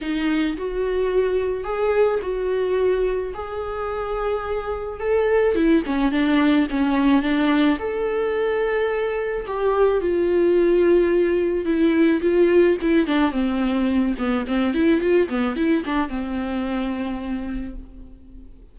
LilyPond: \new Staff \with { instrumentName = "viola" } { \time 4/4 \tempo 4 = 108 dis'4 fis'2 gis'4 | fis'2 gis'2~ | gis'4 a'4 e'8 cis'8 d'4 | cis'4 d'4 a'2~ |
a'4 g'4 f'2~ | f'4 e'4 f'4 e'8 d'8 | c'4. b8 c'8 e'8 f'8 b8 | e'8 d'8 c'2. | }